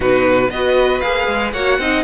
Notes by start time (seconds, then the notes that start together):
0.00 B2 D#4 F#4 B4
0.49 B3 F#4 B4 D#5
1.00 A#3 G#4 F5
1.27 G#3
1.52 A#3 F#4 C#5 F#5
1.78 C4 D#4 D#5